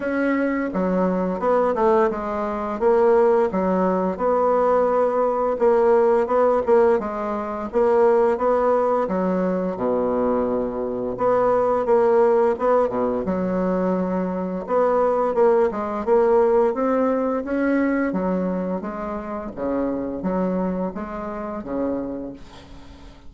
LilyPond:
\new Staff \with { instrumentName = "bassoon" } { \time 4/4 \tempo 4 = 86 cis'4 fis4 b8 a8 gis4 | ais4 fis4 b2 | ais4 b8 ais8 gis4 ais4 | b4 fis4 b,2 |
b4 ais4 b8 b,8 fis4~ | fis4 b4 ais8 gis8 ais4 | c'4 cis'4 fis4 gis4 | cis4 fis4 gis4 cis4 | }